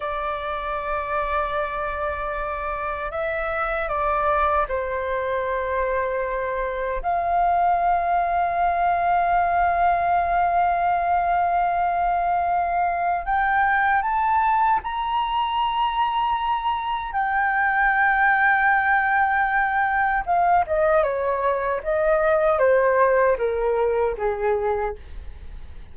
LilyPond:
\new Staff \with { instrumentName = "flute" } { \time 4/4 \tempo 4 = 77 d''1 | e''4 d''4 c''2~ | c''4 f''2.~ | f''1~ |
f''4 g''4 a''4 ais''4~ | ais''2 g''2~ | g''2 f''8 dis''8 cis''4 | dis''4 c''4 ais'4 gis'4 | }